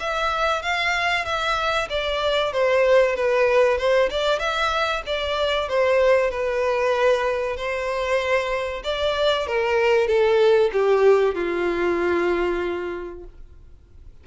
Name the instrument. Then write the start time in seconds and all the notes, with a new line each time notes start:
violin
0.00 E5
0.62 F5
1.25 E5
1.89 D5
2.53 C5
3.16 B4
3.78 C5
4.10 D5
4.39 E5
5.06 D5
5.69 C5
6.31 B4
7.56 C5
8.84 D5
9.47 A#4
10.08 A4
10.73 G4
11.35 F4